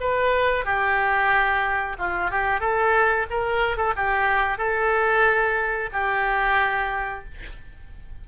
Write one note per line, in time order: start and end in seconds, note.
0.00 0.64 B4
0.64 1.96 G4
1.98 2.30 F4
2.30 2.60 G4
2.60 3.26 A4
3.30 3.77 A#4
3.77 3.93 A4
3.96 4.58 G4
4.58 5.90 A4
5.93 7.24 G4